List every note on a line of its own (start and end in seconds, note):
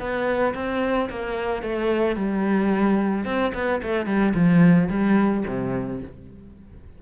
0.00 0.55 B3
0.55 1.09 C4
1.10 1.63 A#3
1.63 2.16 A3
2.16 3.25 G3
3.25 3.52 C4
3.54 3.82 B3
3.83 4.06 A3
4.06 4.34 G3
4.35 4.89 F3
4.90 5.44 G3
5.48 6.02 C3